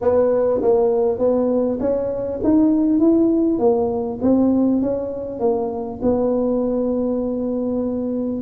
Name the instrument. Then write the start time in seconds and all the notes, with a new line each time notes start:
tuba
0.01 B3
0.61 A#3
1.18 B3
1.79 C#4
2.43 D#4
2.99 E4
3.58 A#3
4.21 C4
4.81 C#4
5.39 A#3
6.02 B3